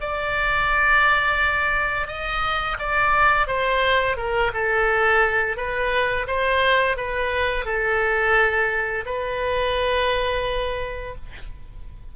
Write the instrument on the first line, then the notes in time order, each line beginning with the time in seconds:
oboe
0.00 D5
2.07 D#5
2.78 D5
3.47 C5
4.17 A#4
4.53 A4
5.57 B4
6.27 C5
6.96 B4
7.65 A4
9.05 B4